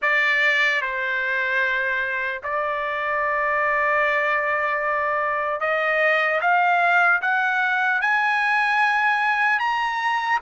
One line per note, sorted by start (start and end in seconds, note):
0.02 0.81 D5
0.81 2.41 C5
2.43 5.60 D5
5.60 6.40 D#5
6.41 7.21 F5
7.21 8.01 F#5
8.01 9.59 G#5
9.59 10.39 A#5